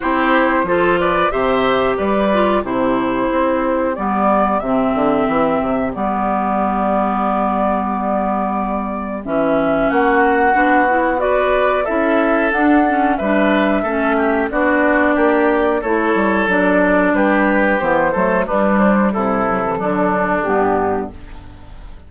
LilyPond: <<
  \new Staff \with { instrumentName = "flute" } { \time 4/4 \tempo 4 = 91 c''4. d''8 e''4 d''4 | c''2 d''4 e''4~ | e''4 d''2.~ | d''2 e''4 fis''4~ |
fis''4 d''4 e''4 fis''4 | e''2 d''2 | cis''4 d''4 b'4 c''4 | b'8 c''8 a'2 g'4 | }
  \new Staff \with { instrumentName = "oboe" } { \time 4/4 g'4 a'8 b'8 c''4 b'4 | g'1~ | g'1~ | g'2. fis'4~ |
fis'4 b'4 a'2 | b'4 a'8 g'8 fis'4 g'4 | a'2 g'4. a'8 | d'4 e'4 d'2 | }
  \new Staff \with { instrumentName = "clarinet" } { \time 4/4 e'4 f'4 g'4. f'8 | e'2 b4 c'4~ | c'4 b2.~ | b2 cis'2 |
d'8 e'8 fis'4 e'4 d'8 cis'8 | d'4 cis'4 d'2 | e'4 d'2 b8 a8 | g4. fis16 e16 fis4 b4 | }
  \new Staff \with { instrumentName = "bassoon" } { \time 4/4 c'4 f4 c4 g4 | c4 c'4 g4 c8 d8 | e8 c8 g2.~ | g2 e4 ais4 |
b2 cis'4 d'4 | g4 a4 b4 ais4 | a8 g8 fis4 g4 e8 fis8 | g4 c4 d4 g,4 | }
>>